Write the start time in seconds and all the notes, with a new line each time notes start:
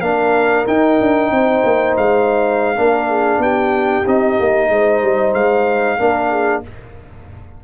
0.00 A#3 D4 A#4 F5
0.67 D#4 G5
1.00 D4
1.31 C4 C5
1.64 A#3
1.97 G#3 F5
2.76 A#3 D4 A#4
3.09 G#4
3.38 B3 G4 G5
4.06 C4 D#4 D#5
4.40 A#3
4.69 G#3 C5
5.02 G3
5.34 G#3 F5
5.99 A#3 D4 A#4
6.30 G#4